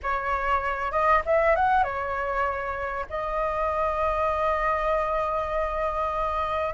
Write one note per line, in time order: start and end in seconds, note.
0.03 0.91 C#5
0.91 1.22 D#5
1.26 1.55 E5
1.55 1.83 F#5
1.83 3.06 C#5
3.09 6.74 D#5